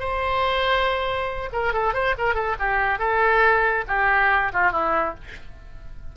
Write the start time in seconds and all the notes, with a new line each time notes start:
0.00 C5
1.53 A#4
1.74 A4
1.94 C5
2.18 A#4
2.35 A4
2.60 G4
2.99 A4
3.88 G4
4.53 F4
4.72 E4